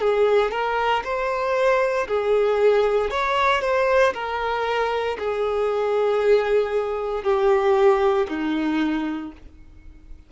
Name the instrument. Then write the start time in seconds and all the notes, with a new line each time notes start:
violin
0.00 G#4
0.51 A#4
1.03 C5
2.07 G#4
3.10 C#5
3.61 C5
4.13 A#4
5.18 G#4
7.23 G4
8.29 D#4